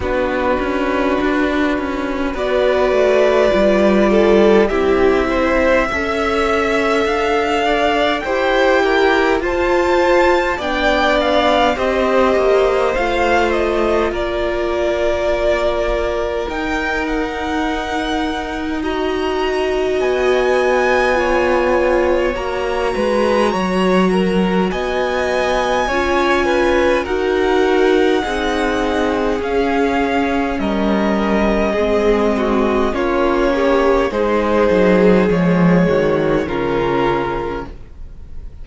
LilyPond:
<<
  \new Staff \with { instrumentName = "violin" } { \time 4/4 \tempo 4 = 51 b'2 d''2 | e''2 f''4 g''4 | a''4 g''8 f''8 dis''4 f''8 dis''8 | d''2 g''8 fis''4. |
ais''4 gis''2 ais''4~ | ais''4 gis''2 fis''4~ | fis''4 f''4 dis''2 | cis''4 c''4 cis''4 ais'4 | }
  \new Staff \with { instrumentName = "violin" } { \time 4/4 fis'2 b'4. a'8 | g'8 c''8 e''4. d''8 c''8 ais'8 | c''4 d''4 c''2 | ais'1 |
dis''2 cis''4. b'8 | cis''8 ais'8 dis''4 cis''8 b'8 ais'4 | gis'2 ais'4 gis'8 fis'8 | f'8 g'8 gis'4. fis'8 f'4 | }
  \new Staff \with { instrumentName = "viola" } { \time 4/4 d'2 fis'4 f'4 | e'4 a'2 g'4 | f'4 d'4 g'4 f'4~ | f'2 dis'2 |
fis'2 f'4 fis'4~ | fis'2 f'4 fis'4 | dis'4 cis'2 c'4 | cis'4 dis'4 gis4 cis'4 | }
  \new Staff \with { instrumentName = "cello" } { \time 4/4 b8 cis'8 d'8 cis'8 b8 a8 g4 | c'4 cis'4 d'4 e'4 | f'4 b4 c'8 ais8 a4 | ais2 dis'2~ |
dis'4 b2 ais8 gis8 | fis4 b4 cis'4 dis'4 | c'4 cis'4 g4 gis4 | ais4 gis8 fis8 f8 dis8 cis4 | }
>>